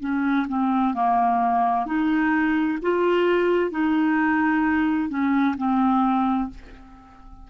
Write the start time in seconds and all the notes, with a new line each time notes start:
0.00 C#4
0.48 C4
0.94 A#3
1.86 D#4
2.82 F4
3.71 D#4
5.09 C#4
5.57 C4